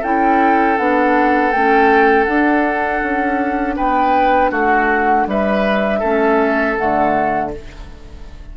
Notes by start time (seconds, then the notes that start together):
0.00 C#4 E4 A4 G5
0.77 B3 D4 F#5
1.52 A3 C#4 G5
2.24 D4 F#5
3.02 C#4
3.76 B3 B4 G5
4.50 A3 F#4 F#5
5.26 G3 B4 E5
5.99 A3 C#4 A4
6.76 D3 A3 F#5